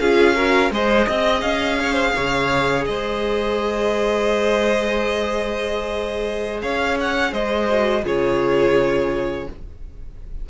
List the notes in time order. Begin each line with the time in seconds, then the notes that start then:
0.00 C#4 F4 G#4 F5
0.36 F#4 A#4
0.71 G#3 G#4 C5 D#5
1.07 C4 D#5
1.42 C#4 F5
1.81 C#5
1.93 C5
2.16 C#3 C#5
2.86 G#3 C5 D#5
6.62 C#4 C#5 F5
7.00 F#5
7.33 G#3 C5 D#5
7.69 F#4
8.03 C#3 F4 G#4 C#5